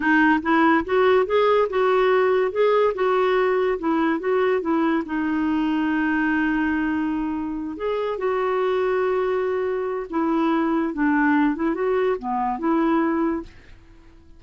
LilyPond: \new Staff \with { instrumentName = "clarinet" } { \time 4/4 \tempo 4 = 143 dis'4 e'4 fis'4 gis'4 | fis'2 gis'4 fis'4~ | fis'4 e'4 fis'4 e'4 | dis'1~ |
dis'2~ dis'8 gis'4 fis'8~ | fis'1 | e'2 d'4. e'8 | fis'4 b4 e'2 | }